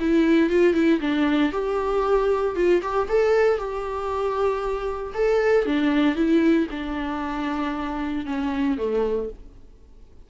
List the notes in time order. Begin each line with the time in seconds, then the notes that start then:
0.00 E4
0.50 F4
0.74 E4
1.01 D4
1.52 G4
2.56 F4
2.82 G4
3.09 A4
3.58 G4
5.14 A4
5.66 D4
6.16 E4
6.71 D4
8.26 C#4
8.78 A3